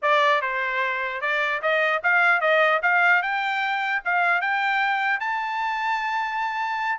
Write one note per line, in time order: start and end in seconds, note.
0.02 0.41 D5
0.41 1.21 C5
1.21 1.61 D5
1.62 2.02 D#5
2.03 2.40 F5
2.40 2.80 D#5
2.82 3.22 F5
3.22 4.02 G5
4.04 4.41 F5
4.41 5.20 G5
5.20 6.99 A5